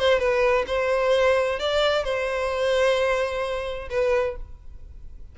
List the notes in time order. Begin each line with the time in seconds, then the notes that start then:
0.00 C5
0.20 B4
0.68 C5
1.60 D5
2.05 C5
3.90 B4